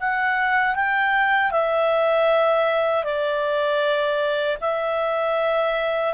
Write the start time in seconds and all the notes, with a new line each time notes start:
0.00 F#5
0.76 G5
1.51 E5
3.04 D5
4.61 E5